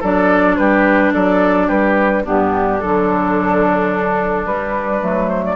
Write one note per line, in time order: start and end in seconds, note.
0.00 0.58 F#3
0.00 2.25 D4
0.00 0.56 A4
0.00 0.57 D5
0.57 1.14 G3
0.57 1.13 G4
0.57 1.12 B4
1.13 1.69 F#3
1.13 1.67 A4
1.13 1.69 D5
1.67 2.25 G3
1.67 2.23 G4
1.67 2.24 B4
2.25 2.83 G2
2.25 2.80 B3
2.25 5.56 D4
2.25 2.80 G4
2.80 4.46 D3
2.80 4.47 F#3
2.80 4.46 A4
4.46 5.01 G3
4.46 5.29 B4
5.01 5.56 F#3
5.01 5.56 A3
5.29 5.43 C5
5.45 5.56 D5